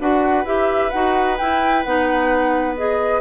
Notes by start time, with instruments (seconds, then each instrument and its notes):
0.00 bassoon D4, clarinet F#4, oboe B4, flute F#5
0.45 bassoon E4, clarinet G4, flute E5
0.91 bassoon D#4, clarinet F#4, flute F#5
1.38 clarinet E4, bassoon E4, flute G5
1.84 bassoon B3, clarinet D#4, flute F#5
2.77 clarinet G#4, flute D#5